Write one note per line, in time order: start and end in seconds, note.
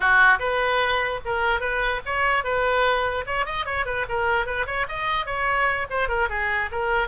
0.00 0.38 F#4
0.39 1.20 B4
1.25 1.60 A#4
1.60 2.01 B4
2.05 2.43 C#5
2.43 3.25 B4
3.26 3.45 C#5
3.45 3.65 D#5
3.65 3.85 C#5
3.85 4.06 B4
4.08 4.45 A#4
4.45 4.66 B4
4.66 4.86 C#5
4.88 5.26 D#5
5.26 5.86 C#5
5.89 6.08 C5
6.08 6.28 A#4
6.29 6.69 G#4
6.71 7.08 A#4